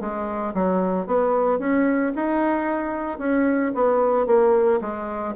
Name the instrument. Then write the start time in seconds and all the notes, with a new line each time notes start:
bassoon
0.00 G#3
0.54 F#3
1.06 B3
1.59 C#4
2.16 D#4
3.19 C#4
3.75 B3
4.27 A#3
4.81 G#3